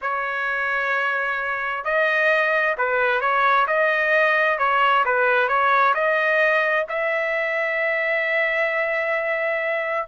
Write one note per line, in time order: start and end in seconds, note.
0.01 1.84 C#5
1.84 2.75 D#5
2.77 3.20 B4
3.20 3.66 C#5
3.67 4.58 D#5
4.58 5.04 C#5
5.05 5.48 B4
5.48 5.94 C#5
5.94 6.86 D#5
6.88 10.07 E5